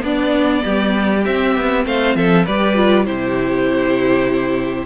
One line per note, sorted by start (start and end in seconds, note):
0.00 1.21 B3
0.00 0.64 B3
0.00 0.63 D4
0.00 1.25 D5
0.64 1.26 G3
0.64 1.85 G4
1.24 2.46 C4
1.24 1.56 C4
1.24 1.85 E5
1.56 1.86 B3
1.86 2.15 A3
1.86 2.17 C5
1.86 2.15 F5
2.15 2.46 F3
2.15 2.45 A4
2.15 2.46 E5
2.45 3.08 G3
2.45 2.76 G4
2.45 3.06 B4
2.45 3.05 D5
2.76 3.05 F4
3.05 4.86 C3
3.05 4.86 E4
3.05 4.86 G4
3.05 4.86 C5